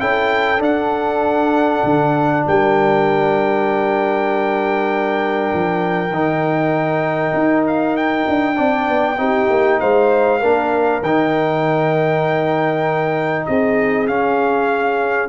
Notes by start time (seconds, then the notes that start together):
0.00 C#4 E4 A4 G5
0.58 D4 F#5
1.84 D3
2.47 G3 A#4 G5
5.54 F3
6.10 D#3 D#4
7.34 D#4
7.67 F5
7.96 G5
8.28 D4
8.55 C4 D4 D5
8.88 B3
9.18 C4 D#4 G4
9.50 A#3
9.80 G#3 C5 F5
10.39 A#3 D4 A#4
11.02 D#3 D#4 G5
13.46 C4 G#4 D#5
14.08 C#4 F5